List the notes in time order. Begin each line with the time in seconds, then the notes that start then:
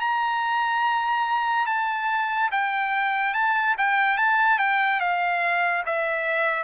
0.00 A#5
1.66 A5
2.51 G5
3.34 A5
3.77 G5
4.17 A5
4.58 G5
5.00 F5
5.85 E5